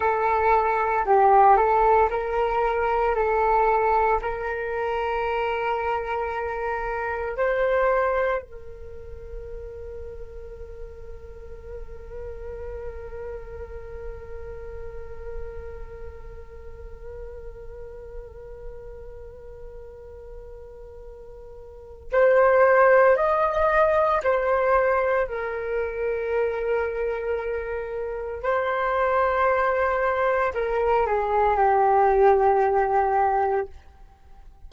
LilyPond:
\new Staff \with { instrumentName = "flute" } { \time 4/4 \tempo 4 = 57 a'4 g'8 a'8 ais'4 a'4 | ais'2. c''4 | ais'1~ | ais'1~ |
ais'1~ | ais'4 c''4 dis''4 c''4 | ais'2. c''4~ | c''4 ais'8 gis'8 g'2 | }